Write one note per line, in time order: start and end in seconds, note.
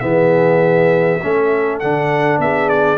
0.00 1.21 E3
0.00 1.20 B3
0.00 1.22 G#4
0.00 1.78 E5
1.23 1.83 A3
1.23 1.82 C#4
1.23 2.42 A4
1.80 2.38 D3
1.80 2.98 D4
1.80 2.39 F#5
2.38 2.98 B3
2.38 2.98 G#4
2.38 2.69 E5
2.69 2.98 D5